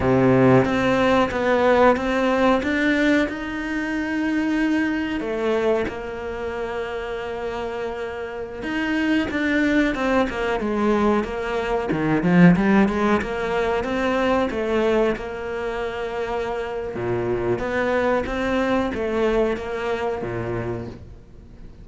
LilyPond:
\new Staff \with { instrumentName = "cello" } { \time 4/4 \tempo 4 = 92 c4 c'4 b4 c'4 | d'4 dis'2. | a4 ais2.~ | ais4~ ais16 dis'4 d'4 c'8 ais16~ |
ais16 gis4 ais4 dis8 f8 g8 gis16~ | gis16 ais4 c'4 a4 ais8.~ | ais2 ais,4 b4 | c'4 a4 ais4 ais,4 | }